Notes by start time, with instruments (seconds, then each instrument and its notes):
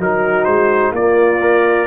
0.00 tuba F#3, trombone D#4, horn F#4, trumpet A#4
0.45 tuba G#3, trumpet C5
0.92 tuba A#3, horn F4, trumpet D5
0.98 trombone A#3
1.41 trombone A#4